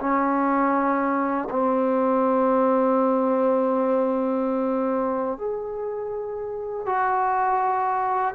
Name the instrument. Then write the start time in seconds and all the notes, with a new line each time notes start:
trombone
0.00 C#4
1.50 C4
5.38 G#4
6.86 F#4